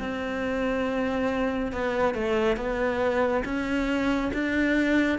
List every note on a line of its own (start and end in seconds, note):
0.00 1.72 C4
1.72 2.14 B3
2.14 2.57 A3
2.57 3.43 B3
3.45 4.32 C#4
4.34 5.19 D4